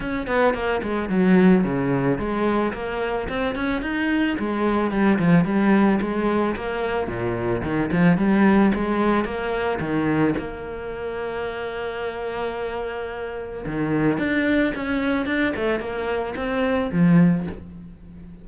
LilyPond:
\new Staff \with { instrumentName = "cello" } { \time 4/4 \tempo 4 = 110 cis'8 b8 ais8 gis8 fis4 cis4 | gis4 ais4 c'8 cis'8 dis'4 | gis4 g8 f8 g4 gis4 | ais4 ais,4 dis8 f8 g4 |
gis4 ais4 dis4 ais4~ | ais1~ | ais4 dis4 d'4 cis'4 | d'8 a8 ais4 c'4 f4 | }